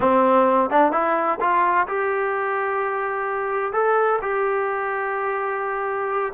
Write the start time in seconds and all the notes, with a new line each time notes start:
0.00 C4
0.70 D4
0.92 E4
1.40 F4
1.87 G4
3.72 A4
4.21 G4